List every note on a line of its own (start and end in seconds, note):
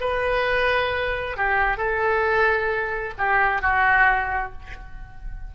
0.00 1.36 B4
1.37 1.77 G4
1.77 3.13 A4
3.18 3.62 G4
3.62 4.52 F#4